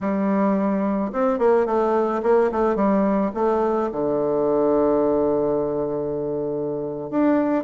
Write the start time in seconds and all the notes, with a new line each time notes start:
0.01 G3
1.12 C4
1.39 A#3
1.65 A3
2.22 A#3
2.51 A3
2.75 G3
3.34 A3
3.92 D3
7.10 D4